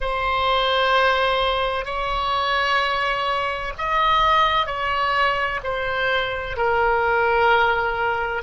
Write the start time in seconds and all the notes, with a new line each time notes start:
0.00 C5
1.85 C#5
3.78 D#5
4.66 C#5
5.63 C5
6.56 A#4